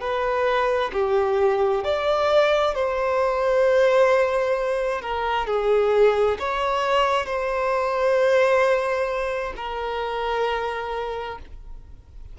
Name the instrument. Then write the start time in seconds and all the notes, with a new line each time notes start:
violin
0.00 B4
0.93 G4
1.83 D5
2.74 C5
5.01 A#4
5.46 G#4
6.39 C#5
7.26 C5
9.56 A#4